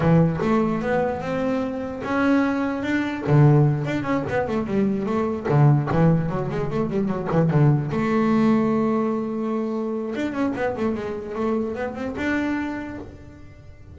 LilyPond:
\new Staff \with { instrumentName = "double bass" } { \time 4/4 \tempo 4 = 148 e4 a4 b4 c'4~ | c'4 cis'2 d'4 | d4. d'8 cis'8 b8 a8 g8~ | g8 a4 d4 e4 fis8 |
gis8 a8 g8 fis8 e8 d4 a8~ | a1~ | a4 d'8 cis'8 b8 a8 gis4 | a4 b8 c'8 d'2 | }